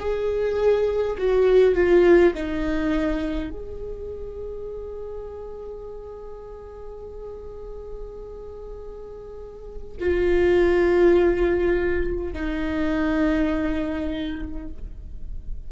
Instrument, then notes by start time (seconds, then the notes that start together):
viola
0.00 G#4
1.18 F#4
1.75 F4
2.35 D#4
3.50 G#4
10.00 F4
12.34 D#4